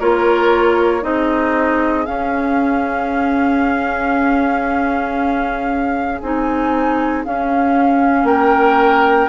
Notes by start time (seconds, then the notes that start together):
0.00 A#3 F4 A#4 C#5
1.01 C4 D#4 G#4 D#5
2.06 C#4 F5
6.20 C4 D#4 G#5
7.25 C#4 F5
8.24 A#3 A#4 G5